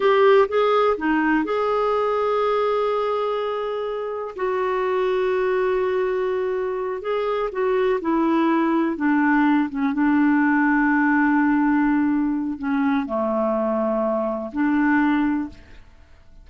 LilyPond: \new Staff \with { instrumentName = "clarinet" } { \time 4/4 \tempo 4 = 124 g'4 gis'4 dis'4 gis'4~ | gis'1~ | gis'4 fis'2.~ | fis'2~ fis'8 gis'4 fis'8~ |
fis'8 e'2 d'4. | cis'8 d'2.~ d'8~ | d'2 cis'4 a4~ | a2 d'2 | }